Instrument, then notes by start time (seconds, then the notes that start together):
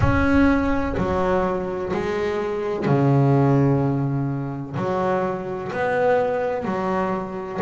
double bass
0.00 C#4
0.97 F#3
1.93 G#3
2.85 C#3
4.76 F#3
5.71 B3
6.65 F#3